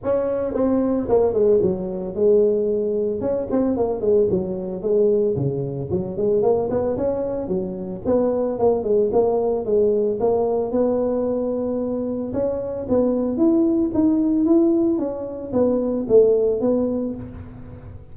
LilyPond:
\new Staff \with { instrumentName = "tuba" } { \time 4/4 \tempo 4 = 112 cis'4 c'4 ais8 gis8 fis4 | gis2 cis'8 c'8 ais8 gis8 | fis4 gis4 cis4 fis8 gis8 | ais8 b8 cis'4 fis4 b4 |
ais8 gis8 ais4 gis4 ais4 | b2. cis'4 | b4 e'4 dis'4 e'4 | cis'4 b4 a4 b4 | }